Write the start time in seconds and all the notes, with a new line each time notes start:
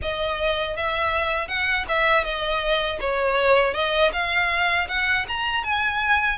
0.02 D#5
0.76 E5
1.48 F#5
1.88 E5
2.23 D#5
3.00 C#5
3.73 D#5
4.12 F5
4.88 F#5
5.27 A#5
5.63 G#5